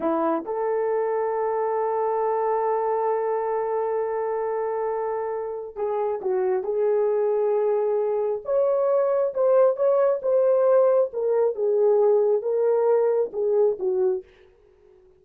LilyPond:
\new Staff \with { instrumentName = "horn" } { \time 4/4 \tempo 4 = 135 e'4 a'2.~ | a'1~ | a'1~ | a'4 gis'4 fis'4 gis'4~ |
gis'2. cis''4~ | cis''4 c''4 cis''4 c''4~ | c''4 ais'4 gis'2 | ais'2 gis'4 fis'4 | }